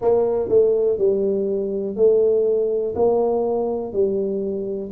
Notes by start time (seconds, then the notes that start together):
0.00 A#3
0.48 A3
0.98 G3
1.96 A3
2.95 A#3
3.92 G3